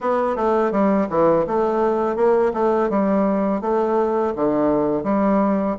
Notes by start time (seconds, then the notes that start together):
0.00 B3
0.36 A3
0.71 G3
1.09 E3
1.46 A3
2.16 A#3
2.53 A3
2.89 G3
3.61 A3
4.35 D3
5.03 G3